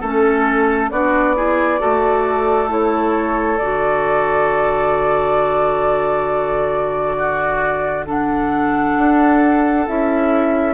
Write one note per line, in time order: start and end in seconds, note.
0.00 0.90 A3
0.00 0.92 C#4
0.00 0.90 A4
0.90 1.80 B3
0.90 1.36 D4
0.90 1.35 F#4
0.90 2.69 D5
1.35 1.79 E4
1.35 1.80 G#4
1.79 3.59 A3
1.79 2.68 F#4
1.79 7.17 A4
2.68 3.57 E4
2.68 3.57 C#5
3.57 8.96 D3
3.57 8.06 F#4
3.57 8.05 D5
7.17 8.06 F#4
8.06 9.85 D4
8.06 10.74 A4
8.06 9.88 F#5
8.97 9.87 D4
9.87 10.74 C#4
9.87 10.74 E4
9.87 10.74 E5